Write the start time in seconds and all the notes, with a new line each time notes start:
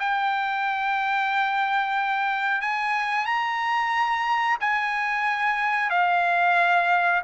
0.00 G5
2.62 G#5
3.26 A#5
4.61 G#5
5.90 F5